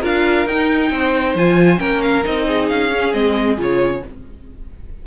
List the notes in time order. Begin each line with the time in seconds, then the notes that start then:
0.00 D4 F4 A#4 F5
0.46 D#4 G5
0.91 C4 C5
1.35 F3 F4 G#5
1.77 A#3 C#4 A#4 G5
2.01 F5
2.24 C4 D#4 D#5
2.47 G#4
2.69 C#4 F5
2.92 C#4
3.12 G#3 C4 D#5
3.57 C#3 F4 C#5